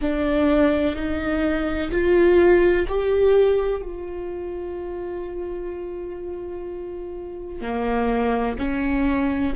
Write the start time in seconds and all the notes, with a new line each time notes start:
0.01 D4
0.95 D#4
1.90 F4
2.87 G4
3.81 F4
7.61 A#3
8.58 C#4